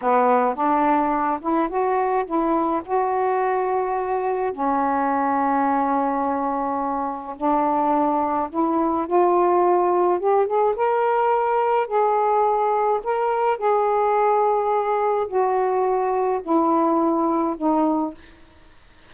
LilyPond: \new Staff \with { instrumentName = "saxophone" } { \time 4/4 \tempo 4 = 106 b4 d'4. e'8 fis'4 | e'4 fis'2. | cis'1~ | cis'4 d'2 e'4 |
f'2 g'8 gis'8 ais'4~ | ais'4 gis'2 ais'4 | gis'2. fis'4~ | fis'4 e'2 dis'4 | }